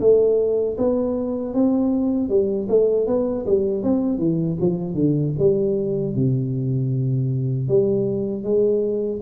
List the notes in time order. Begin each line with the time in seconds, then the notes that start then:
0.00 A3
0.78 B3
1.54 C4
2.29 G3
2.69 A3
3.07 B3
3.46 G3
3.83 C4
4.19 E3
4.61 F3
4.95 D3
5.39 G3
6.15 C3
7.69 G3
8.44 G#3